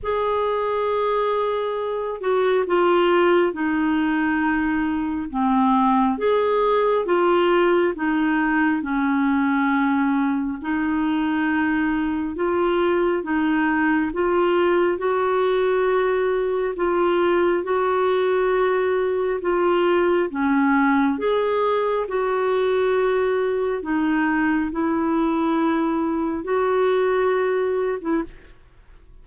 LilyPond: \new Staff \with { instrumentName = "clarinet" } { \time 4/4 \tempo 4 = 68 gis'2~ gis'8 fis'8 f'4 | dis'2 c'4 gis'4 | f'4 dis'4 cis'2 | dis'2 f'4 dis'4 |
f'4 fis'2 f'4 | fis'2 f'4 cis'4 | gis'4 fis'2 dis'4 | e'2 fis'4.~ fis'16 e'16 | }